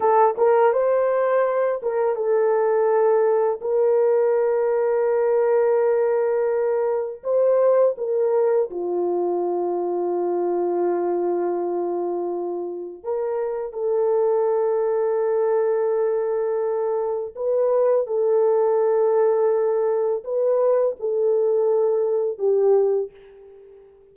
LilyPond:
\new Staff \with { instrumentName = "horn" } { \time 4/4 \tempo 4 = 83 a'8 ais'8 c''4. ais'8 a'4~ | a'4 ais'2.~ | ais'2 c''4 ais'4 | f'1~ |
f'2 ais'4 a'4~ | a'1 | b'4 a'2. | b'4 a'2 g'4 | }